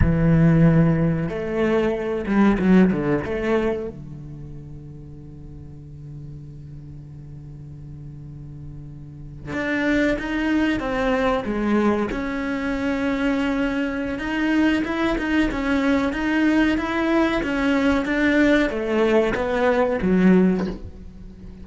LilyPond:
\new Staff \with { instrumentName = "cello" } { \time 4/4 \tempo 4 = 93 e2 a4. g8 | fis8 d8 a4 d2~ | d1~ | d2~ d8. d'4 dis'16~ |
dis'8. c'4 gis4 cis'4~ cis'16~ | cis'2 dis'4 e'8 dis'8 | cis'4 dis'4 e'4 cis'4 | d'4 a4 b4 fis4 | }